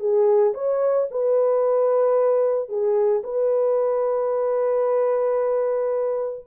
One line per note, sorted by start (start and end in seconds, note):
0.00 0.54 G#4
0.55 1.08 C#5
1.12 2.69 B4
2.69 3.23 G#4
3.24 6.45 B4